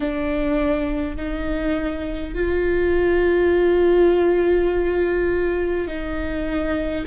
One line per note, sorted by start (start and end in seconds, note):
0.00 1.16 D4
1.16 2.34 D#4
2.34 5.87 F4
5.87 7.05 D#4